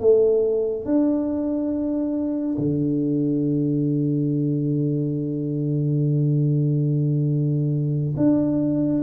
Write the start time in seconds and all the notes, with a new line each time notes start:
0.00 A3
0.85 D4
2.58 D3
8.17 D4